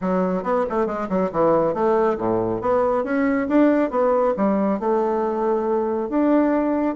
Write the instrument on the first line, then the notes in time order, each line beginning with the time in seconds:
bassoon
0.01 F#3
0.43 B3
0.69 A3
0.86 G#3
1.09 F#3
1.31 E3
1.74 A3
2.17 A2
2.61 B3
3.04 C#4
3.48 D4
3.90 B3
4.36 G3
4.79 A3
6.09 D4